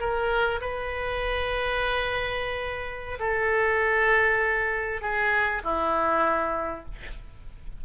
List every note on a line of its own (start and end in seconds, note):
0.00 0.61 A#4
0.61 3.19 B4
3.20 5.02 A4
5.02 5.63 G#4
5.64 6.86 E4